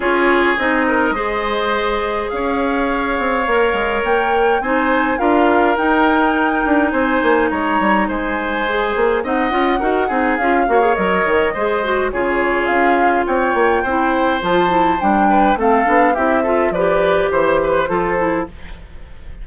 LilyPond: <<
  \new Staff \with { instrumentName = "flute" } { \time 4/4 \tempo 4 = 104 cis''4 dis''2. | f''2. g''4 | gis''4 f''4 g''2 | gis''4 ais''4 gis''2 |
fis''2 f''4 dis''4~ | dis''4 cis''4 f''4 g''4~ | g''4 a''4 g''4 f''4 | e''4 d''4 c''2 | }
  \new Staff \with { instrumentName = "oboe" } { \time 4/4 gis'4. ais'8 c''2 | cis''1 | c''4 ais'2. | c''4 cis''4 c''2 |
dis''4 ais'8 gis'4 cis''4. | c''4 gis'2 cis''4 | c''2~ c''8 b'8 a'4 | g'8 a'8 b'4 c''8 b'8 a'4 | }
  \new Staff \with { instrumentName = "clarinet" } { \time 4/4 f'4 dis'4 gis'2~ | gis'2 ais'2 | dis'4 f'4 dis'2~ | dis'2. gis'4 |
dis'8 f'8 fis'8 dis'8 f'8 fis'16 gis'16 ais'4 | gis'8 fis'8 f'2. | e'4 f'8 e'8 d'4 c'8 d'8 | e'8 f'8 g'2 f'8 e'8 | }
  \new Staff \with { instrumentName = "bassoon" } { \time 4/4 cis'4 c'4 gis2 | cis'4. c'8 ais8 gis8 ais4 | c'4 d'4 dis'4. d'8 | c'8 ais8 gis8 g8 gis4. ais8 |
c'8 cis'8 dis'8 c'8 cis'8 ais8 fis8 dis8 | gis4 cis4 cis'4 c'8 ais8 | c'4 f4 g4 a8 b8 | c'4 f4 e4 f4 | }
>>